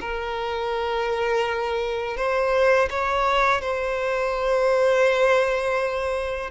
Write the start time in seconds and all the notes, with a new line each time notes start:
0.00 A#4
2.17 C5
2.89 C#5
3.61 C5